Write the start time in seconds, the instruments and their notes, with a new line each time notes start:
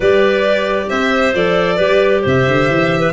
0.00 tuba G3, clarinet G4 B4, violin D5
0.89 tuba C4, clarinet C5, violin E5
1.34 tuba F3, clarinet A4, violin D5
1.76 tuba G3, clarinet G4 B4
2.22 tuba C3, clarinet C5, violin E5
2.47 tuba D3
2.69 tuba E3
3.00 clarinet B4